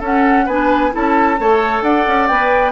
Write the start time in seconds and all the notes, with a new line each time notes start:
0.00 C#4 A4 F#5
0.46 B3 D4 B4 G#5
0.91 C#4 E4 A4 A5
1.39 A3 A4 C#5
1.82 D4 D5 F#5
2.07 C#4
2.27 B3 B4 G5